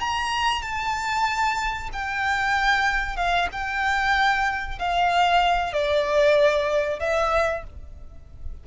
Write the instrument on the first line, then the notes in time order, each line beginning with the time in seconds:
violin
0.00 A#5
0.62 A5
1.93 G5
3.16 F5
3.52 G5
4.79 F5
5.73 D5
7.00 E5